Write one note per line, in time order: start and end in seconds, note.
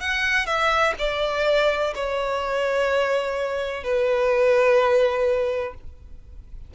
0.00 0.46 F#5
0.46 0.94 E5
0.98 1.94 D5
1.95 3.84 C#5
3.84 5.74 B4